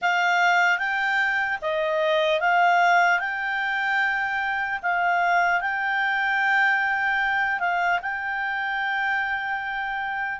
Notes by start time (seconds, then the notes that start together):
0.01 F5
0.78 G5
1.61 D#5
2.40 F5
3.19 G5
4.82 F5
5.60 G5
7.59 F5
8.02 G5